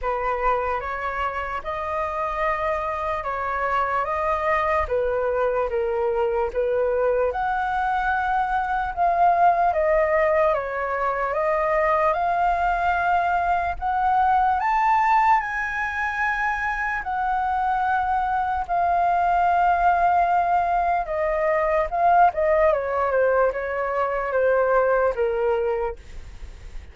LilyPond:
\new Staff \with { instrumentName = "flute" } { \time 4/4 \tempo 4 = 74 b'4 cis''4 dis''2 | cis''4 dis''4 b'4 ais'4 | b'4 fis''2 f''4 | dis''4 cis''4 dis''4 f''4~ |
f''4 fis''4 a''4 gis''4~ | gis''4 fis''2 f''4~ | f''2 dis''4 f''8 dis''8 | cis''8 c''8 cis''4 c''4 ais'4 | }